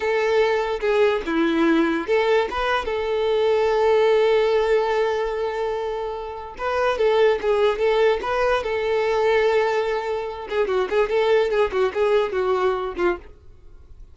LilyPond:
\new Staff \with { instrumentName = "violin" } { \time 4/4 \tempo 4 = 146 a'2 gis'4 e'4~ | e'4 a'4 b'4 a'4~ | a'1~ | a'1 |
b'4 a'4 gis'4 a'4 | b'4 a'2.~ | a'4. gis'8 fis'8 gis'8 a'4 | gis'8 fis'8 gis'4 fis'4. f'8 | }